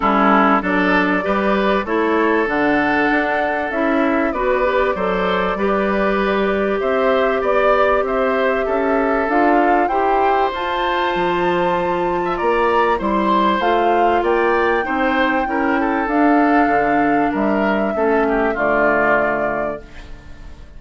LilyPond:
<<
  \new Staff \with { instrumentName = "flute" } { \time 4/4 \tempo 4 = 97 a'4 d''2 cis''4 | fis''2 e''4 d''4~ | d''2. e''4 | d''4 e''2 f''4 |
g''4 a''2. | ais''4 c'''4 f''4 g''4~ | g''2 f''2 | e''2 d''2 | }
  \new Staff \with { instrumentName = "oboe" } { \time 4/4 e'4 a'4 b'4 a'4~ | a'2. b'4 | c''4 b'2 c''4 | d''4 c''4 a'2 |
c''2.~ c''8. e''16 | d''4 c''2 d''4 | c''4 ais'8 a'2~ a'8 | ais'4 a'8 g'8 f'2 | }
  \new Staff \with { instrumentName = "clarinet" } { \time 4/4 cis'4 d'4 g'4 e'4 | d'2 e'4 fis'8 g'8 | a'4 g'2.~ | g'2. f'4 |
g'4 f'2.~ | f'4 e'4 f'2 | dis'4 e'4 d'2~ | d'4 cis'4 a2 | }
  \new Staff \with { instrumentName = "bassoon" } { \time 4/4 g4 fis4 g4 a4 | d4 d'4 cis'4 b4 | fis4 g2 c'4 | b4 c'4 cis'4 d'4 |
e'4 f'4 f2 | ais4 g4 a4 ais4 | c'4 cis'4 d'4 d4 | g4 a4 d2 | }
>>